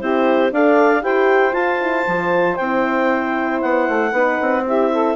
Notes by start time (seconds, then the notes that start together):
0.00 C4 E4 G4 C5
0.51 D4 A4 D5 F5
1.01 E4 G4 C5 G5
1.52 F4 A5
1.81 E4
2.07 F3 F4
2.56 C4 E4 G5
3.61 B3 F#5
3.89 A3
4.12 B3 D#4 B4
4.41 C4
4.66 E4 G4 E5
4.92 A4